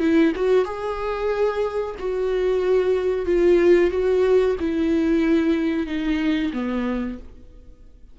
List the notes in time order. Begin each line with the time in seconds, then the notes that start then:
0.00 E4
0.36 F#4
0.65 G#4
1.99 F#4
3.26 F4
3.91 F#4
4.60 E4
5.87 D#4
6.53 B3